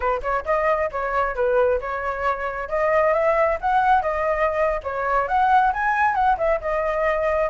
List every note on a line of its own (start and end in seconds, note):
0.00 0.21 B4
0.22 0.44 C#5
0.45 0.90 D#5
0.91 1.35 C#5
1.35 1.80 B4
1.80 2.68 C#5
2.68 3.13 D#5
3.13 3.58 E5
3.60 4.02 F#5
4.02 4.80 D#5
4.83 5.28 C#5
5.28 5.73 F#5
5.73 6.14 G#5
6.14 6.36 F#5
6.37 6.59 E5
6.60 7.50 D#5